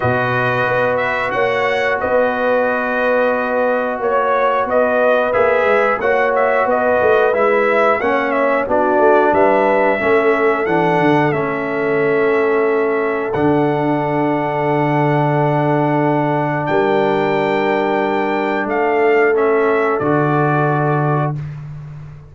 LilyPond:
<<
  \new Staff \with { instrumentName = "trumpet" } { \time 4/4 \tempo 4 = 90 dis''4. e''8 fis''4 dis''4~ | dis''2 cis''4 dis''4 | e''4 fis''8 e''8 dis''4 e''4 | fis''8 e''8 d''4 e''2 |
fis''4 e''2. | fis''1~ | fis''4 g''2. | f''4 e''4 d''2 | }
  \new Staff \with { instrumentName = "horn" } { \time 4/4 b'2 cis''4 b'4~ | b'2 cis''4 b'4~ | b'4 cis''4 b'2 | cis''4 fis'4 b'4 a'4~ |
a'1~ | a'1~ | a'4 ais'2. | a'1 | }
  \new Staff \with { instrumentName = "trombone" } { \time 4/4 fis'1~ | fis'1 | gis'4 fis'2 e'4 | cis'4 d'2 cis'4 |
d'4 cis'2. | d'1~ | d'1~ | d'4 cis'4 fis'2 | }
  \new Staff \with { instrumentName = "tuba" } { \time 4/4 b,4 b4 ais4 b4~ | b2 ais4 b4 | ais8 gis8 ais4 b8 a8 gis4 | ais4 b8 a8 g4 a4 |
e8 d8 a2. | d1~ | d4 g2. | a2 d2 | }
>>